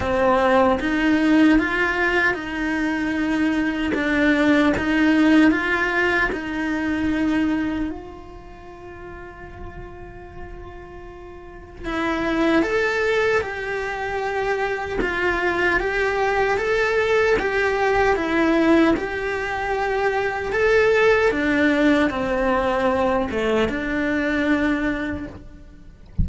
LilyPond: \new Staff \with { instrumentName = "cello" } { \time 4/4 \tempo 4 = 76 c'4 dis'4 f'4 dis'4~ | dis'4 d'4 dis'4 f'4 | dis'2 f'2~ | f'2. e'4 |
a'4 g'2 f'4 | g'4 a'4 g'4 e'4 | g'2 a'4 d'4 | c'4. a8 d'2 | }